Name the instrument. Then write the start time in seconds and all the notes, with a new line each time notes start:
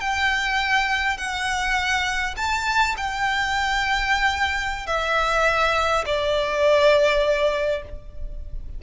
violin
0.00 G5
1.17 F#5
2.36 A5
2.97 G5
4.87 E5
6.06 D5